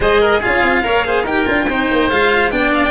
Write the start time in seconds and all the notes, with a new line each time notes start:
0.00 G#3 G#4 C5 D#5
0.21 A#4
0.39 F4 G#4 F5
0.45 C#4
0.63 C4
0.83 A#3 A#4 C#5
1.04 G#4 C5
1.23 D#4 G4 A#4 G5
1.45 D4 F4
1.68 C4 D#4 C5
1.91 A#3
2.09 G#3 F4 F5
2.51 B3 D4 D5 G5
2.74 F5
2.84 G5